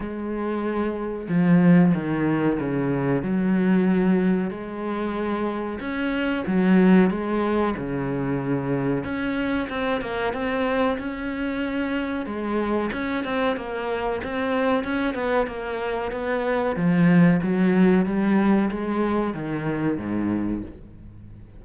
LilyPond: \new Staff \with { instrumentName = "cello" } { \time 4/4 \tempo 4 = 93 gis2 f4 dis4 | cis4 fis2 gis4~ | gis4 cis'4 fis4 gis4 | cis2 cis'4 c'8 ais8 |
c'4 cis'2 gis4 | cis'8 c'8 ais4 c'4 cis'8 b8 | ais4 b4 f4 fis4 | g4 gis4 dis4 gis,4 | }